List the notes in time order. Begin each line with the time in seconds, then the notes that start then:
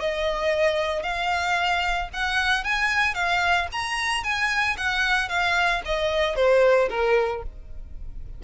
0.00 D#5
1.03 F5
2.13 F#5
2.64 G#5
3.14 F5
3.72 A#5
4.24 G#5
4.77 F#5
5.29 F5
5.85 D#5
6.36 C5
6.90 A#4